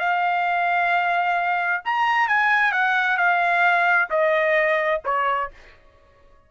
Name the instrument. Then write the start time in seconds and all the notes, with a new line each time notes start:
trumpet
0.00 F5
1.85 A#5
2.28 G#5
2.72 F#5
3.18 F5
4.11 D#5
5.05 C#5